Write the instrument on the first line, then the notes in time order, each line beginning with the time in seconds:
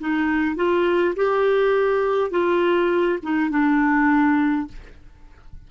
clarinet
0.00 D#4
0.56 F4
1.16 G4
2.31 F4
3.23 D#4
3.51 D4